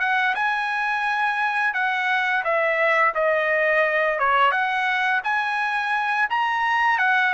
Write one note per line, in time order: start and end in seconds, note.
0.00 0.35 F#5
0.35 1.74 G#5
1.74 2.44 F#5
2.45 3.14 E5
3.15 4.19 D#5
4.19 4.52 C#5
4.52 5.21 F#5
5.24 6.29 G#5
6.30 6.99 A#5
6.99 7.34 F#5